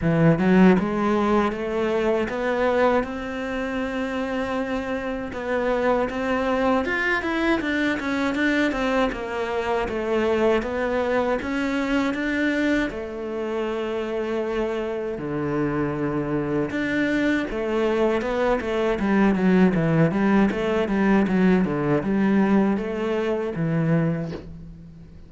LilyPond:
\new Staff \with { instrumentName = "cello" } { \time 4/4 \tempo 4 = 79 e8 fis8 gis4 a4 b4 | c'2. b4 | c'4 f'8 e'8 d'8 cis'8 d'8 c'8 | ais4 a4 b4 cis'4 |
d'4 a2. | d2 d'4 a4 | b8 a8 g8 fis8 e8 g8 a8 g8 | fis8 d8 g4 a4 e4 | }